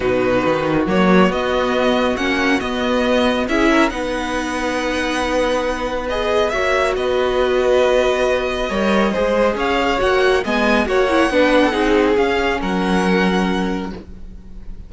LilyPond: <<
  \new Staff \with { instrumentName = "violin" } { \time 4/4 \tempo 4 = 138 b'2 cis''4 dis''4~ | dis''4 fis''4 dis''2 | e''4 fis''2.~ | fis''2 dis''4 e''4 |
dis''1~ | dis''2 f''4 fis''4 | gis''4 fis''2. | f''4 fis''2. | }
  \new Staff \with { instrumentName = "violin" } { \time 4/4 fis'1~ | fis'1 | gis'8 ais'8 b'2.~ | b'2. cis''4 |
b'1 | cis''4 c''4 cis''2 | dis''4 cis''4 b'8. a'16 gis'4~ | gis'4 ais'2. | }
  \new Staff \with { instrumentName = "viola" } { \time 4/4 dis'2 ais4 b4~ | b4 cis'4 b2 | e'4 dis'2.~ | dis'2 gis'4 fis'4~ |
fis'1 | ais'4 gis'2 fis'4 | b4 fis'8 e'8 d'4 dis'4 | cis'1 | }
  \new Staff \with { instrumentName = "cello" } { \time 4/4 b,4 dis4 fis4 b4~ | b4 ais4 b2 | cis'4 b2.~ | b2. ais4 |
b1 | g4 gis4 cis'4 ais4 | gis4 ais4 b4 c'4 | cis'4 fis2. | }
>>